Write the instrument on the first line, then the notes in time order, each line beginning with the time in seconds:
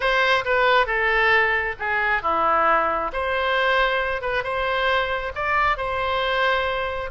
oboe
0.00 C5
0.44 B4
0.86 A4
1.79 G#4
2.22 E4
3.12 C5
4.21 B4
4.43 C5
5.35 D5
5.77 C5